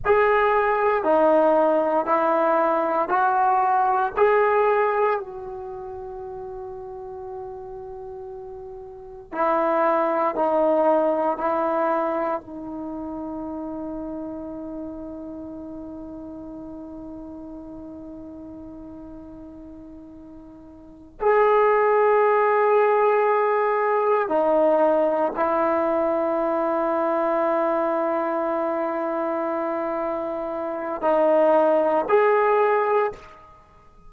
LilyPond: \new Staff \with { instrumentName = "trombone" } { \time 4/4 \tempo 4 = 58 gis'4 dis'4 e'4 fis'4 | gis'4 fis'2.~ | fis'4 e'4 dis'4 e'4 | dis'1~ |
dis'1~ | dis'8 gis'2. dis'8~ | dis'8 e'2.~ e'8~ | e'2 dis'4 gis'4 | }